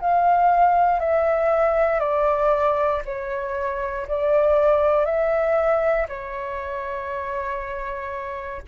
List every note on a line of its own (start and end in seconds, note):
0.00 0.99 F5
0.99 1.99 E5
1.99 3.01 D5
3.05 4.06 C#5
4.07 5.05 D5
5.05 6.06 E5
6.08 8.62 C#5